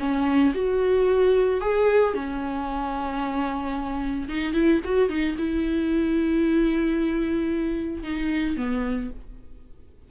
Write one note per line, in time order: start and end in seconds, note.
0.00 0.54 C#4
0.55 1.61 F#4
1.61 2.14 G#4
2.14 4.29 C#4
4.29 4.54 D#4
4.54 4.81 E4
4.85 5.10 F#4
5.10 5.37 D#4
5.39 8.04 E4
8.04 8.57 D#4
8.57 9.11 B3